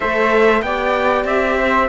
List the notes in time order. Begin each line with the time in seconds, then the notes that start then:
0.00 A3 A4 C5 E5
0.61 B3 G4 D5 G5
1.24 C4 E5
1.56 C5